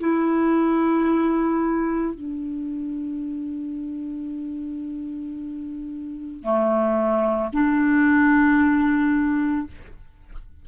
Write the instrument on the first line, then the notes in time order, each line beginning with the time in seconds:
clarinet
0.00 E4
2.14 D4
6.42 A3
7.52 D4